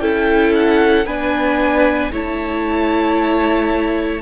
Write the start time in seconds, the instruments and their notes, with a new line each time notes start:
0.00 cello C#4, viola E4, violin A4 G5
0.55 violin F#5
1.06 cello B3, viola D4, violin B4 G#5
2.11 cello A3, viola E4, violin C#5 A5